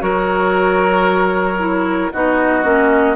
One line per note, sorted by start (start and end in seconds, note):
0.00 2.12 F#3
0.00 1.58 F#4
0.00 2.13 A#4
0.00 2.12 C#5
1.58 2.11 E4
2.12 2.64 B3
2.12 2.63 D#4
2.12 3.16 F#4
2.12 3.16 D#5
2.63 3.16 A#3
2.63 3.16 C#4